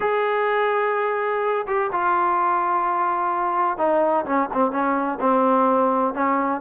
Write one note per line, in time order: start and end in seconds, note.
0.00 1.66 G#4
1.67 1.90 G4
1.92 3.77 F4
3.77 4.25 D#4
4.25 4.49 C#4
4.53 4.71 C4
4.71 5.18 C#4
5.20 6.14 C4
6.14 6.61 C#4